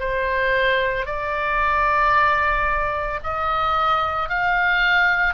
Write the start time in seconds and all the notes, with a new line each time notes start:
0.00 C5
1.06 D5
3.24 D#5
4.29 F5